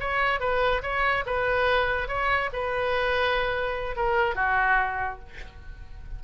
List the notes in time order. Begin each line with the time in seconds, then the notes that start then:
0.00 C#5
0.40 B4
0.83 C#5
1.26 B4
2.08 C#5
2.53 B4
3.96 A#4
4.35 F#4